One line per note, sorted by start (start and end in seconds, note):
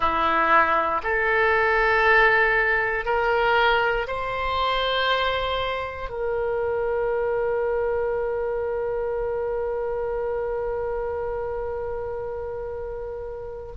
0.00 1.01 E4
1.03 3.05 A4
3.05 4.06 A#4
4.07 6.09 C5
6.09 13.72 A#4